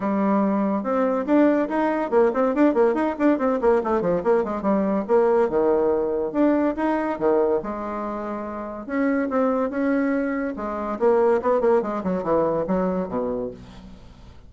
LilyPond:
\new Staff \with { instrumentName = "bassoon" } { \time 4/4 \tempo 4 = 142 g2 c'4 d'4 | dis'4 ais8 c'8 d'8 ais8 dis'8 d'8 | c'8 ais8 a8 f8 ais8 gis8 g4 | ais4 dis2 d'4 |
dis'4 dis4 gis2~ | gis4 cis'4 c'4 cis'4~ | cis'4 gis4 ais4 b8 ais8 | gis8 fis8 e4 fis4 b,4 | }